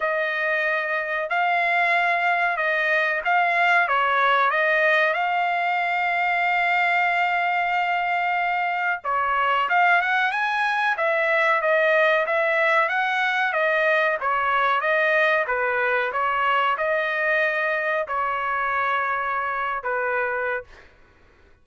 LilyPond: \new Staff \with { instrumentName = "trumpet" } { \time 4/4 \tempo 4 = 93 dis''2 f''2 | dis''4 f''4 cis''4 dis''4 | f''1~ | f''2 cis''4 f''8 fis''8 |
gis''4 e''4 dis''4 e''4 | fis''4 dis''4 cis''4 dis''4 | b'4 cis''4 dis''2 | cis''2~ cis''8. b'4~ b'16 | }